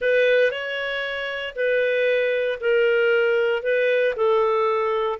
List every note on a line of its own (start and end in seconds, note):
0.01 0.51 B4
0.51 1.54 C#5
1.55 2.59 B4
2.60 3.62 A#4
3.62 4.14 B4
4.15 5.19 A4